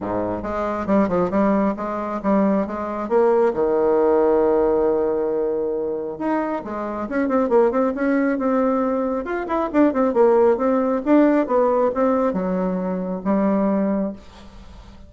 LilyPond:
\new Staff \with { instrumentName = "bassoon" } { \time 4/4 \tempo 4 = 136 gis,4 gis4 g8 f8 g4 | gis4 g4 gis4 ais4 | dis1~ | dis2 dis'4 gis4 |
cis'8 c'8 ais8 c'8 cis'4 c'4~ | c'4 f'8 e'8 d'8 c'8 ais4 | c'4 d'4 b4 c'4 | fis2 g2 | }